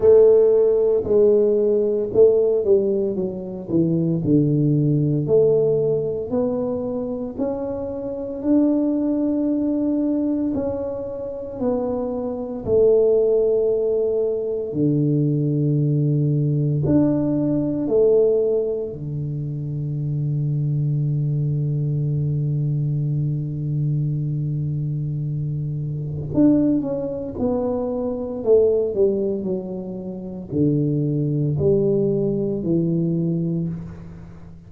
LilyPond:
\new Staff \with { instrumentName = "tuba" } { \time 4/4 \tempo 4 = 57 a4 gis4 a8 g8 fis8 e8 | d4 a4 b4 cis'4 | d'2 cis'4 b4 | a2 d2 |
d'4 a4 d2~ | d1~ | d4 d'8 cis'8 b4 a8 g8 | fis4 d4 g4 e4 | }